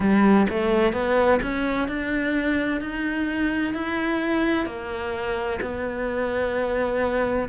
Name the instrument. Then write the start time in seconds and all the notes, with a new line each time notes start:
cello
0.00 G3
0.49 A3
0.92 B3
1.42 C#4
1.87 D4
2.80 D#4
3.74 E4
4.65 A#3
5.61 B3